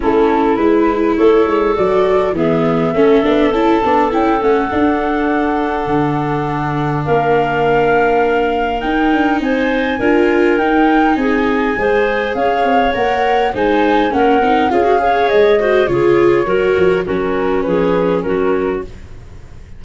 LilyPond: <<
  \new Staff \with { instrumentName = "flute" } { \time 4/4 \tempo 4 = 102 a'4 b'4 cis''4 d''4 | e''2 a''4 g''8 fis''8~ | fis''1 | f''2. g''4 |
gis''2 g''4 gis''4~ | gis''4 f''4 fis''4 gis''4 | fis''4 f''4 dis''4 cis''4~ | cis''4 ais'4 b'4 ais'4 | }
  \new Staff \with { instrumentName = "clarinet" } { \time 4/4 e'2 a'2 | gis'4 a'2.~ | a'1 | ais'1 |
c''4 ais'2 gis'4 | c''4 cis''2 c''4 | ais'4 gis'8 cis''4 c''8 gis'4 | ais'4 fis'4 gis'4 fis'4 | }
  \new Staff \with { instrumentName = "viola" } { \time 4/4 cis'4 e'2 fis'4 | b4 cis'8 d'8 e'8 d'8 e'8 cis'8 | d'1~ | d'2. dis'4~ |
dis'4 f'4 dis'2 | gis'2 ais'4 dis'4 | cis'8 dis'8 f'16 fis'16 gis'4 fis'8 f'4 | fis'4 cis'2. | }
  \new Staff \with { instrumentName = "tuba" } { \time 4/4 a4 gis4 a8 gis8 fis4 | e4 a8 b8 cis'8 b8 cis'8 a8 | d'2 d2 | ais2. dis'8 d'8 |
c'4 d'4 dis'4 c'4 | gis4 cis'8 c'8 ais4 gis4 | ais8 c'8 cis'4 gis4 cis4 | fis8 f8 fis4 f4 fis4 | }
>>